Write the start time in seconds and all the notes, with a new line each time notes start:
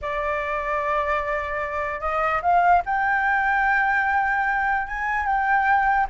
0.01 D5
2.00 D#5
2.42 F5
2.85 G5
4.87 G#5
5.26 G5